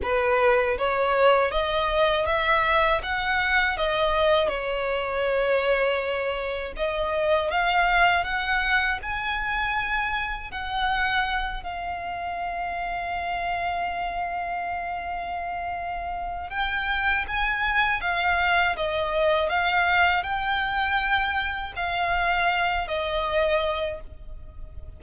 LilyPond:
\new Staff \with { instrumentName = "violin" } { \time 4/4 \tempo 4 = 80 b'4 cis''4 dis''4 e''4 | fis''4 dis''4 cis''2~ | cis''4 dis''4 f''4 fis''4 | gis''2 fis''4. f''8~ |
f''1~ | f''2 g''4 gis''4 | f''4 dis''4 f''4 g''4~ | g''4 f''4. dis''4. | }